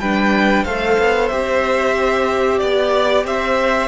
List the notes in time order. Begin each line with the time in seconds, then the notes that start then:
0.00 G3 D4 B4 G5
0.64 A3 A4 C5 F5
0.99 B3
1.29 C4 G4 E5
2.59 B3 D5
3.25 C4 C5 E5